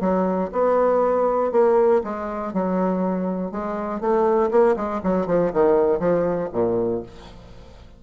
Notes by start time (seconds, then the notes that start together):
0.00 F#3
0.52 B3
1.52 A#3
2.04 G#3
2.53 F#3
3.51 G#3
4.00 A3
4.51 A#3
4.76 G#3
5.03 F#3
5.26 F3
5.53 D#3
5.99 F3
6.52 A#2